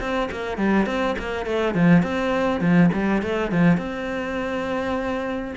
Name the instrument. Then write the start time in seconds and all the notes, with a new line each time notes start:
cello
0.00 C4
0.31 A#3
0.57 G3
0.86 C4
1.18 A#3
1.46 A3
1.74 F3
2.03 C4
2.60 F3
2.93 G3
3.22 A3
3.51 F3
3.78 C4